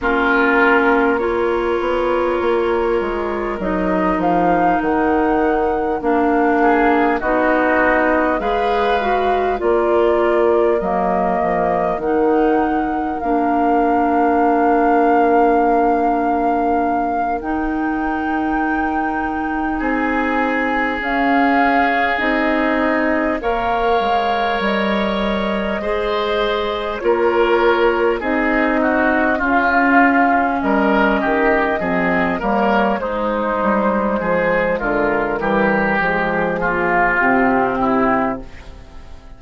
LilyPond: <<
  \new Staff \with { instrumentName = "flute" } { \time 4/4 \tempo 4 = 50 ais'4 cis''2 dis''8 f''8 | fis''4 f''4 dis''4 f''4 | d''4 dis''4 fis''4 f''4~ | f''2~ f''8 g''4.~ |
g''8 gis''4 f''4 dis''4 f''8~ | f''8 dis''2 cis''4 dis''8~ | dis''8 f''4 dis''4. cis''8 c''8~ | c''4 ais'4 gis'4 g'4 | }
  \new Staff \with { instrumentName = "oboe" } { \time 4/4 f'4 ais'2.~ | ais'4. gis'8 fis'4 b'4 | ais'1~ | ais'1~ |
ais'8 gis'2. cis''8~ | cis''4. c''4 ais'4 gis'8 | fis'8 f'4 ais'8 g'8 gis'8 ais'8 dis'8~ | dis'8 gis'8 f'8 g'4 f'4 e'8 | }
  \new Staff \with { instrumentName = "clarinet" } { \time 4/4 cis'4 f'2 dis'4~ | dis'4 d'4 dis'4 gis'8 fis'8 | f'4 ais4 dis'4 d'4~ | d'2~ d'8 dis'4.~ |
dis'4. cis'4 dis'4 ais'8~ | ais'4. gis'4 f'4 dis'8~ | dis'8 cis'2 c'8 ais8 gis8~ | gis4. g8 gis8 ais8 c'4 | }
  \new Staff \with { instrumentName = "bassoon" } { \time 4/4 ais4. b8 ais8 gis8 fis8 f8 | dis4 ais4 b4 gis4 | ais4 fis8 f8 dis4 ais4~ | ais2~ ais8 dis'4.~ |
dis'8 c'4 cis'4 c'4 ais8 | gis8 g4 gis4 ais4 c'8~ | c'8 cis'4 g8 dis8 f8 g8 gis8 | g8 f8 d8 e8 f4 c4 | }
>>